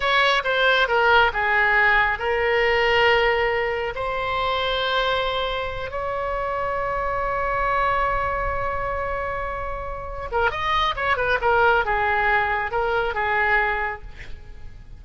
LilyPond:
\new Staff \with { instrumentName = "oboe" } { \time 4/4 \tempo 4 = 137 cis''4 c''4 ais'4 gis'4~ | gis'4 ais'2.~ | ais'4 c''2.~ | c''4. cis''2~ cis''8~ |
cis''1~ | cis''2.~ cis''8 ais'8 | dis''4 cis''8 b'8 ais'4 gis'4~ | gis'4 ais'4 gis'2 | }